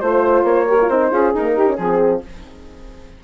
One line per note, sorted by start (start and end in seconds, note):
0.00 0.43 A3
0.00 0.67 F4
0.00 0.44 C5
0.00 0.66 C5
0.43 0.87 A#3
0.43 0.88 C#5
0.66 0.78 G4
0.66 1.10 A#4
0.81 0.90 F4
0.88 1.11 C4
0.88 1.11 D#4
0.88 1.32 C5
1.10 1.33 C#4
1.10 1.33 F4
1.10 1.53 G#4
1.33 1.57 A#3
1.33 1.77 D#4
1.33 1.76 A#4
1.53 1.67 D#4
1.53 1.76 G4
1.67 1.78 C#4
1.76 2.22 F3
1.76 2.23 C4
1.76 2.20 G#4
1.76 2.21 G#4